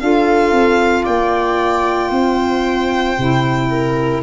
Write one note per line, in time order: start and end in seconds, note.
0.00 0.52 D4
0.00 3.16 F4
0.00 1.04 A4
0.00 1.05 F5
0.52 1.04 C4
1.04 2.11 A#3
1.04 2.09 D5
1.04 4.21 G5
2.09 3.16 C4
2.09 3.67 C5
3.18 4.23 C3
3.18 4.23 E4
3.70 4.23 A#4